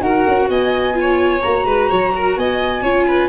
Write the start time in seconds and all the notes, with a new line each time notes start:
0.00 D#4 F#4 A#4 F#5
0.27 C#4
0.48 B3 D#5 G#5
0.93 F4
1.00 C#5
1.42 A#3 F#4 A#5
1.65 G#3 B4
1.89 F#3 C#5
2.15 A#4
2.36 B3 D#5 G#5
2.82 C#4 F4 C#5
3.07 B4